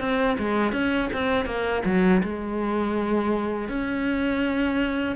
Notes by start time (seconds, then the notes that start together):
0.00 C4
0.39 G#3
0.72 C#4
1.13 C4
1.45 A#3
1.85 F#3
2.23 G#3
3.68 C#4